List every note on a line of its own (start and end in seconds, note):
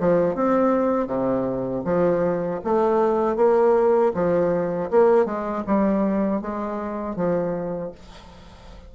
0.00 0.35 F3
0.35 1.07 C4
1.07 1.83 C3
1.84 2.60 F3
2.64 3.36 A3
3.36 4.12 A#3
4.14 4.90 F3
4.91 5.25 A#3
5.25 5.63 G#3
5.67 6.41 G3
6.41 7.16 G#3
7.16 7.92 F3